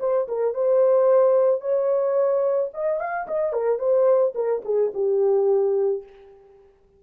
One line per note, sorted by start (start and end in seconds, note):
0.00 0.27 C5
0.28 0.54 A#4
0.54 1.61 C5
1.61 2.70 C#5
2.74 3.00 D#5
3.00 3.27 F5
3.28 3.53 D#5
3.53 3.79 A#4
3.79 4.34 C5
4.35 4.62 A#4
4.65 4.92 G#4
4.94 6.03 G4